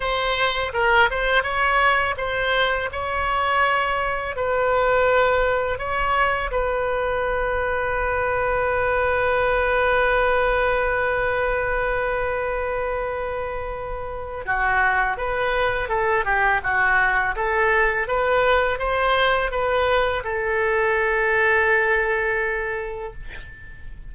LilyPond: \new Staff \with { instrumentName = "oboe" } { \time 4/4 \tempo 4 = 83 c''4 ais'8 c''8 cis''4 c''4 | cis''2 b'2 | cis''4 b'2.~ | b'1~ |
b'1 | fis'4 b'4 a'8 g'8 fis'4 | a'4 b'4 c''4 b'4 | a'1 | }